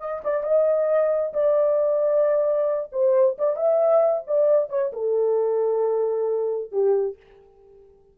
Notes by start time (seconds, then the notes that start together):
0.00 D#5
0.24 D5
0.44 D#5
1.34 D5
2.92 C5
3.38 D5
3.56 E5
4.27 D5
4.70 C#5
4.93 A4
6.72 G4